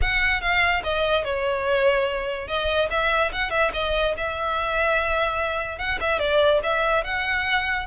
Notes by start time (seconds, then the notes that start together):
0.01 F#5
0.41 F5
0.83 D#5
1.24 C#5
2.47 D#5
2.90 E5
3.32 F#5
3.50 E5
3.73 D#5
4.17 E5
5.78 F#5
6.00 E5
6.19 D5
6.63 E5
7.04 F#5